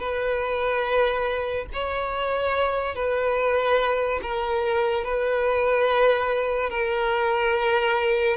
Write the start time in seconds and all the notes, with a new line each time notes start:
0.00 B4
1.73 C#5
2.95 B4
4.23 A#4
5.05 B4
6.70 A#4